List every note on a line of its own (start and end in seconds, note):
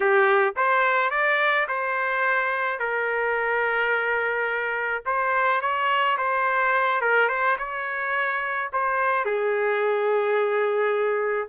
0.00 0.54 G4
0.56 1.10 C5
1.10 1.66 D5
1.67 2.79 C5
2.79 5.03 A#4
5.05 5.61 C5
5.61 6.17 C#5
6.17 7.01 C5
7.01 7.28 A#4
7.28 7.56 C5
7.58 8.70 C#5
8.72 9.25 C5
9.25 11.48 G#4